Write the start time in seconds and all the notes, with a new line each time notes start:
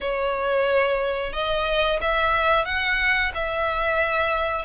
0.00 C#5
1.32 D#5
2.01 E5
2.65 F#5
3.34 E5